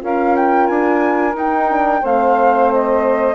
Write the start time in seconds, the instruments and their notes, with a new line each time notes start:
0.00 bassoon C#4, horn F4, saxophone A#4, flute F5
0.36 flute G5
0.67 bassoon D4, flute G#5
1.34 bassoon D#4, horn D#4, flute G5
1.69 horn D4
2.01 bassoon A3, horn C4, saxophone C5, flute F5
2.73 flute D#5